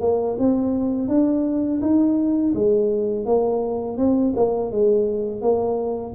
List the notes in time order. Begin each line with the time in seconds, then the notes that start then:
0.00 A#3
0.38 C4
1.08 D4
1.81 D#4
2.54 G#3
3.25 A#3
3.97 C4
4.36 A#3
4.71 G#3
5.41 A#3